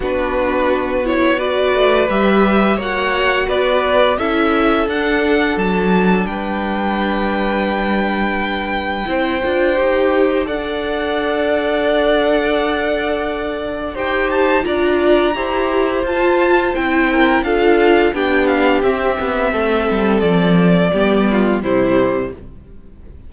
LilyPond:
<<
  \new Staff \with { instrumentName = "violin" } { \time 4/4 \tempo 4 = 86 b'4. cis''8 d''4 e''4 | fis''4 d''4 e''4 fis''4 | a''4 g''2.~ | g''2. fis''4~ |
fis''1 | g''8 a''8 ais''2 a''4 | g''4 f''4 g''8 f''8 e''4~ | e''4 d''2 c''4 | }
  \new Staff \with { instrumentName = "violin" } { \time 4/4 fis'2 b'2 | cis''4 b'4 a'2~ | a'4 b'2.~ | b'4 c''2 d''4~ |
d''1 | c''4 d''4 c''2~ | c''8 ais'8 a'4 g'2 | a'2 g'8 f'8 e'4 | }
  \new Staff \with { instrumentName = "viola" } { \time 4/4 d'4. e'8 fis'4 g'4 | fis'2 e'4 d'4~ | d'1~ | d'4 e'8 f'8 g'4 a'4~ |
a'1 | g'4 f'4 g'4 f'4 | e'4 f'4 d'4 c'4~ | c'2 b4 g4 | }
  \new Staff \with { instrumentName = "cello" } { \time 4/4 b2~ b8 a8 g4 | ais4 b4 cis'4 d'4 | fis4 g2.~ | g4 c'8 d'8 dis'4 d'4~ |
d'1 | dis'4 d'4 e'4 f'4 | c'4 d'4 b4 c'8 b8 | a8 g8 f4 g4 c4 | }
>>